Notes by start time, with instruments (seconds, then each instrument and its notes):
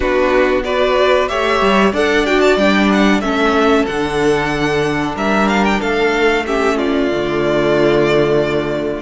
0.00 cello B3, viola D4, violin F#4 B4
0.64 viola F#4, violin B4 D5
1.28 cello A3, viola G4, violin C#5 E5
1.61 cello G3
1.92 cello D4, viola A4, violin D5 F#5
2.26 viola F#4, violin G5
2.40 violin A5
2.56 cello G3, viola D4, violin G5
2.92 violin F#5
3.20 cello A3, viola C#4, violin A4 E5
3.86 cello D3, viola D4, violin F#5
5.15 cello G3, violin A#4 E5
5.48 violin F5
5.64 violin G5
5.79 cello A3, violin A4 F5
6.46 viola C#4, violin G4 E5
6.76 violin F4 D5
7.11 cello D3, viola A3